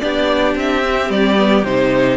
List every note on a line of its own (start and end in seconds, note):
0.00 0.56 B3
0.00 0.83 D4
0.00 2.17 G4
0.00 0.55 D5
0.56 1.10 C4
0.56 1.11 E5
0.83 1.37 C4
1.10 1.64 G3
1.10 1.65 D5
1.37 1.64 B3
1.64 2.17 C3
1.64 2.17 D#4
1.64 2.17 C5